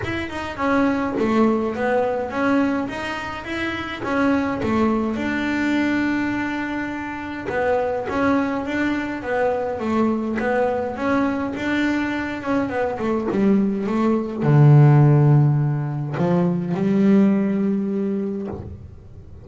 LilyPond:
\new Staff \with { instrumentName = "double bass" } { \time 4/4 \tempo 4 = 104 e'8 dis'8 cis'4 a4 b4 | cis'4 dis'4 e'4 cis'4 | a4 d'2.~ | d'4 b4 cis'4 d'4 |
b4 a4 b4 cis'4 | d'4. cis'8 b8 a8 g4 | a4 d2. | f4 g2. | }